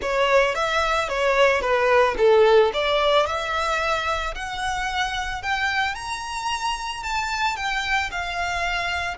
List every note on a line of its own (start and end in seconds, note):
0.01 0.55 C#5
0.55 1.08 E5
1.08 1.61 C#5
1.61 2.15 B4
2.17 2.71 A4
2.73 3.26 D5
3.26 4.34 E5
4.34 5.42 F#5
5.42 5.95 G5
5.95 7.03 A#5
7.03 7.56 A5
7.56 8.10 G5
8.11 9.17 F5